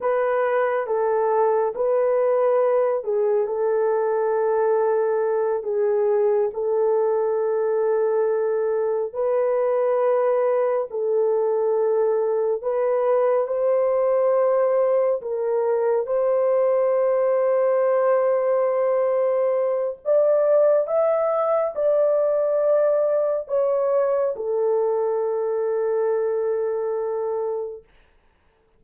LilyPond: \new Staff \with { instrumentName = "horn" } { \time 4/4 \tempo 4 = 69 b'4 a'4 b'4. gis'8 | a'2~ a'8 gis'4 a'8~ | a'2~ a'8 b'4.~ | b'8 a'2 b'4 c''8~ |
c''4. ais'4 c''4.~ | c''2. d''4 | e''4 d''2 cis''4 | a'1 | }